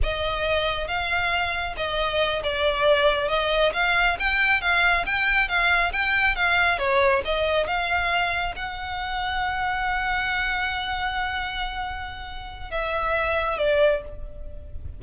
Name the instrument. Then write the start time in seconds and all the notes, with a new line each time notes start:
violin
0.02 D#5
0.87 F5
1.76 D#5
2.43 D5
3.28 D#5
3.73 F5
4.19 G5
4.61 F5
5.06 G5
5.48 F5
5.92 G5
6.35 F5
6.78 C#5
7.24 D#5
7.66 F5
8.55 F#5
12.70 E5
13.58 D5